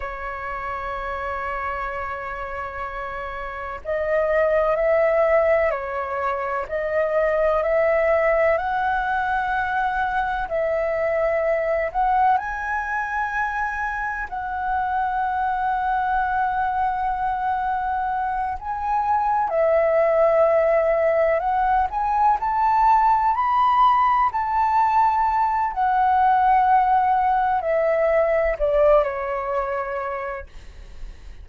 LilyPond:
\new Staff \with { instrumentName = "flute" } { \time 4/4 \tempo 4 = 63 cis''1 | dis''4 e''4 cis''4 dis''4 | e''4 fis''2 e''4~ | e''8 fis''8 gis''2 fis''4~ |
fis''2.~ fis''8 gis''8~ | gis''8 e''2 fis''8 gis''8 a''8~ | a''8 b''4 a''4. fis''4~ | fis''4 e''4 d''8 cis''4. | }